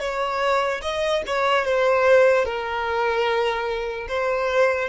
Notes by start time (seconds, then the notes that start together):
0.00 C#5
0.82 D#5
1.26 C#5
1.65 C5
2.45 A#4
4.08 C5